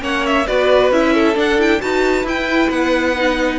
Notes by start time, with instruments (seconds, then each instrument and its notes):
0.00 cello A#3, viola C#4, violin C#5 F#5
0.26 violin E5
0.47 cello B3, viola F#4, violin B4 D5
0.92 cello C#4, viola E4, violin E5
1.15 violin A4
1.34 viola D4, cello D4, violin F#5
1.59 viola E4, violin G5
1.80 cello D#4, viola F#4, violin B4 A5
2.24 cello E4, viola E4, violin G5
2.70 cello B3, violin F#5
3.16 viola D#4